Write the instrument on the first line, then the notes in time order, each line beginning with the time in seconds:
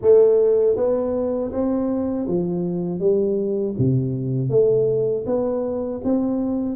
tuba
0.01 A3
0.76 B3
1.51 C4
2.27 F3
2.99 G3
3.78 C3
4.49 A3
5.26 B3
6.03 C4